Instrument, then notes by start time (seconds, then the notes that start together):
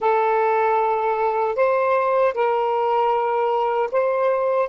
saxophone
0.00 A4
1.55 C5
2.33 A#4
3.91 C5